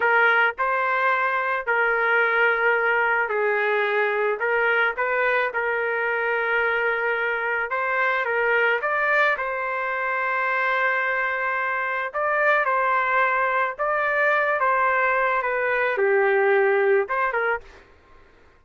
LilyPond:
\new Staff \with { instrumentName = "trumpet" } { \time 4/4 \tempo 4 = 109 ais'4 c''2 ais'4~ | ais'2 gis'2 | ais'4 b'4 ais'2~ | ais'2 c''4 ais'4 |
d''4 c''2.~ | c''2 d''4 c''4~ | c''4 d''4. c''4. | b'4 g'2 c''8 ais'8 | }